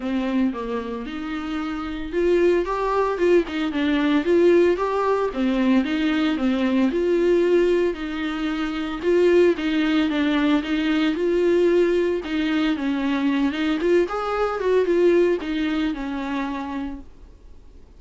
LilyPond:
\new Staff \with { instrumentName = "viola" } { \time 4/4 \tempo 4 = 113 c'4 ais4 dis'2 | f'4 g'4 f'8 dis'8 d'4 | f'4 g'4 c'4 dis'4 | c'4 f'2 dis'4~ |
dis'4 f'4 dis'4 d'4 | dis'4 f'2 dis'4 | cis'4. dis'8 f'8 gis'4 fis'8 | f'4 dis'4 cis'2 | }